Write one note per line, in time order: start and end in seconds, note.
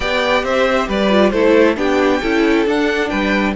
0.00 0.43 B3
0.00 1.10 G4
0.00 0.44 D5
0.00 0.44 G5
0.43 0.87 C4
0.43 0.87 C5
0.43 0.88 E5
0.87 1.32 G3
0.87 1.32 B4
0.87 1.30 D5
1.10 1.32 F4
1.30 1.76 A3
1.30 1.76 E4
1.30 1.76 A4
1.30 1.75 C5
1.76 2.21 B3
1.76 2.20 D4
1.76 2.21 G4
1.76 2.66 G5
2.21 2.66 C#4
2.21 2.66 E4
2.21 3.09 A4
2.66 3.10 D4
2.66 3.55 D4
2.66 3.09 F#5
3.09 3.56 G3
3.09 3.54 B4
3.09 3.53 G5